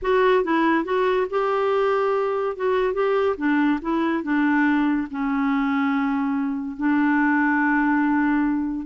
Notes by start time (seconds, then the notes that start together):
0.02 F#4
0.43 E4
0.84 F#4
1.30 G4
2.56 F#4
2.93 G4
3.37 D4
3.81 E4
4.23 D4
5.10 C#4
6.77 D4